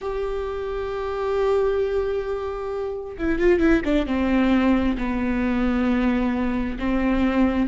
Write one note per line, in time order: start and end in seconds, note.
0.01 3.17 G4
3.17 3.39 E4
3.39 3.59 F4
3.59 3.82 E4
3.84 4.06 D4
4.06 4.96 C4
4.97 6.78 B3
6.79 7.68 C4